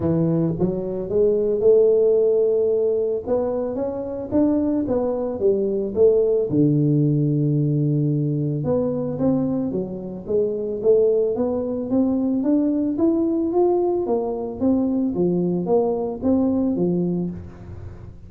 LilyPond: \new Staff \with { instrumentName = "tuba" } { \time 4/4 \tempo 4 = 111 e4 fis4 gis4 a4~ | a2 b4 cis'4 | d'4 b4 g4 a4 | d1 |
b4 c'4 fis4 gis4 | a4 b4 c'4 d'4 | e'4 f'4 ais4 c'4 | f4 ais4 c'4 f4 | }